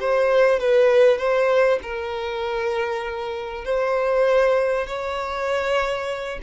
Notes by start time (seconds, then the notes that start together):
0.00 C5
0.60 B4
1.18 C5
1.83 A#4
3.65 C5
4.87 C#5